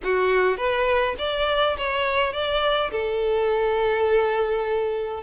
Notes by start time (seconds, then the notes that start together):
0.03 F#4
0.57 B4
1.18 D5
1.77 C#5
2.32 D5
2.91 A4